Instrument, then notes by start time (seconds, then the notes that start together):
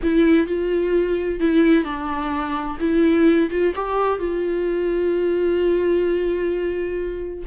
viola
0.02 E4
0.47 F4
1.40 E4
1.84 D4
2.80 E4
3.50 F4
3.75 G4
4.18 F4